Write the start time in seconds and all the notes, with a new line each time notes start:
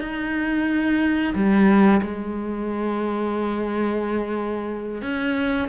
0.00 D#4
1.34 G3
2.02 G#3
5.01 C#4